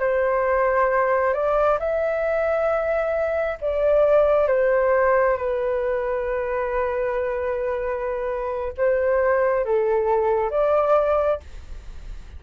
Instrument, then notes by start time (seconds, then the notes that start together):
flute
0.00 C5
1.34 D5
1.80 E5
3.61 D5
4.48 C5
5.38 B4
8.78 C5
9.65 A4
10.51 D5